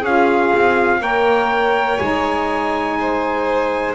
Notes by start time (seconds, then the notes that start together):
0.00 C#4 F4 G#4 F5
0.56 C4
1.00 A#3 A#4 C#5 G5
1.98 G#3 D#4 G#5
3.00 C5